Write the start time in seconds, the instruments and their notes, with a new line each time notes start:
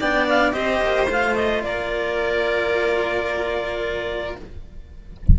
0.00 cello B3 D4, violin D5, clarinet G5
0.29 clarinet F5
0.52 cello C4 G4, violin C5, clarinet D#5
0.82 cello A#3
1.09 cello A3 F4, clarinet F5
1.36 clarinet D#5
1.63 cello A#3, violin A#4, clarinet D5